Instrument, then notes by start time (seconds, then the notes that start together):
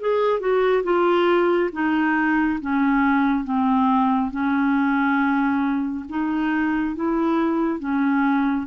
clarinet
0.00 G#4
0.40 F#4
0.83 F4
1.72 D#4
2.60 C#4
3.44 C4
4.31 C#4
6.09 D#4
6.95 E4
7.79 C#4